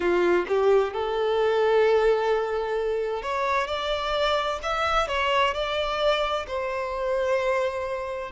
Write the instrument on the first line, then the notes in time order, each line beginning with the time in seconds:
violin
0.00 F4
0.47 G4
0.93 A4
3.22 C#5
3.67 D5
4.62 E5
5.07 C#5
5.53 D5
6.47 C5